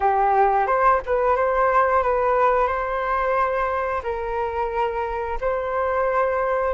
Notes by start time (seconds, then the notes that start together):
0.00 G4
0.66 C5
1.06 B4
1.36 C5
2.02 B4
2.67 C5
4.03 A#4
5.41 C5